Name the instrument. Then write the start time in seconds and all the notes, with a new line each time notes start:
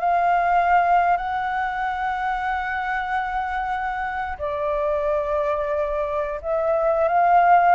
flute
0.00 F5
1.17 F#5
4.38 D5
6.42 E5
7.08 F5